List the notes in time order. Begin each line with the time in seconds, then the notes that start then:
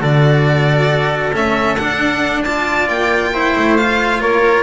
0.00 D3 F#4 A4 D5
1.33 A3 C#4 E5
1.76 D4 F#5
2.44 F4 D5 A5
2.89 A#3 G5
3.34 E4 C5
3.55 A3
3.77 F4 F5
4.21 A#3 A#4 C#5